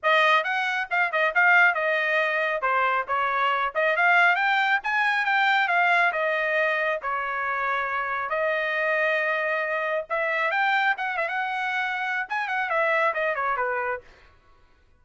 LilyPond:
\new Staff \with { instrumentName = "trumpet" } { \time 4/4 \tempo 4 = 137 dis''4 fis''4 f''8 dis''8 f''4 | dis''2 c''4 cis''4~ | cis''8 dis''8 f''4 g''4 gis''4 | g''4 f''4 dis''2 |
cis''2. dis''4~ | dis''2. e''4 | g''4 fis''8 e''16 fis''2~ fis''16 | gis''8 fis''8 e''4 dis''8 cis''8 b'4 | }